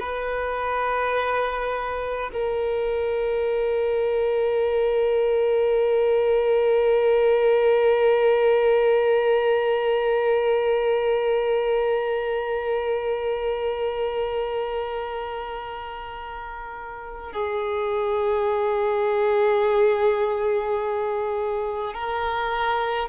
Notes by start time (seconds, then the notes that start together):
0.00 B4
2.33 A#4
17.33 G#4
21.94 A#4